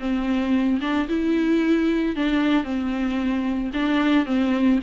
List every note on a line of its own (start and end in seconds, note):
0.00 0.80 C4
0.81 1.08 D4
1.08 2.16 E4
2.16 2.64 D4
2.64 3.71 C4
3.74 4.26 D4
4.26 4.79 C4